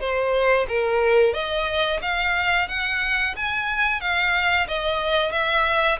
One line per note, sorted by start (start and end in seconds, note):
0.00 0.67 C5
0.68 1.33 A#4
1.33 2.00 D#5
2.02 2.68 F5
2.68 3.35 F#5
3.36 4.00 G#5
4.00 4.67 F5
4.68 5.32 D#5
5.32 5.98 E5